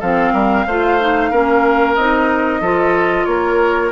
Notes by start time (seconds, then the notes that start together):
0.00 F3 C4 A4 F5
0.33 G3 A#4
0.67 A3 F4 C5
1.00 D#4
1.31 A#3 C#4 A#4
1.96 C4 D#4 D#5
2.61 F3 F4 A4
3.26 A#3 A#4 C#5